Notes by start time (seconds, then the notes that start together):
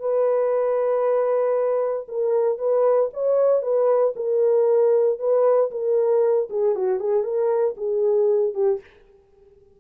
0.00 B4
2.09 A#4
2.58 B4
3.14 C#5
3.62 B4
4.16 A#4
5.19 B4
5.71 A#4
6.50 G#4
6.75 F#4
7.00 G#4
7.23 A#4
7.77 G#4
8.55 G4